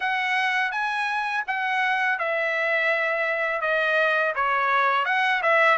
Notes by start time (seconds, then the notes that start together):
0.00 F#5
0.71 G#5
1.47 F#5
2.18 E5
3.61 D#5
4.35 C#5
5.05 F#5
5.42 E5